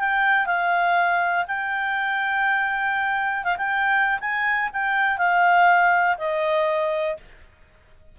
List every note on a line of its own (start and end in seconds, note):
0.00 0.47 G5
0.47 1.46 F5
1.48 3.45 G5
3.45 3.57 F5
3.58 4.20 G5
4.20 4.70 G#5
4.74 5.18 G5
5.18 6.18 F5
6.18 7.17 D#5